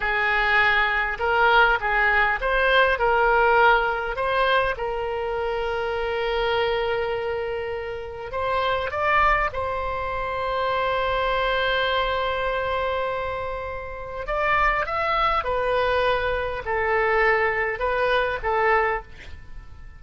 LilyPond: \new Staff \with { instrumentName = "oboe" } { \time 4/4 \tempo 4 = 101 gis'2 ais'4 gis'4 | c''4 ais'2 c''4 | ais'1~ | ais'2 c''4 d''4 |
c''1~ | c''1 | d''4 e''4 b'2 | a'2 b'4 a'4 | }